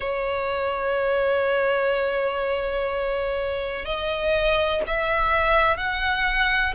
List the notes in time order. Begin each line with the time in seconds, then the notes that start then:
0.00 C#5
3.84 D#5
4.87 E5
5.77 F#5